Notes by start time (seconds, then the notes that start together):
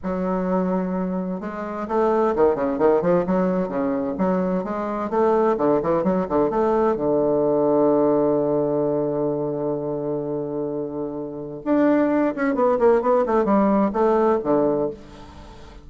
0.03 F#3
1.40 G#3
1.88 A3
2.35 D#3
2.55 C#3
2.78 D#3
3.01 F3
3.26 F#3
3.68 C#3
4.18 F#3
4.64 G#3
5.10 A3
5.57 D3
5.82 E3
6.03 F#3
6.29 D3
6.50 A3
6.96 D3
11.64 D4
12.35 C#4
12.55 B3
12.79 A#3
13.01 B3
13.26 A3
13.44 G3
13.92 A3
14.43 D3